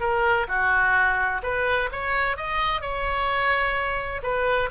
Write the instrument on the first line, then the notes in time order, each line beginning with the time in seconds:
oboe
0.00 A#4
0.48 F#4
1.43 B4
1.92 C#5
2.37 D#5
2.81 C#5
4.23 B4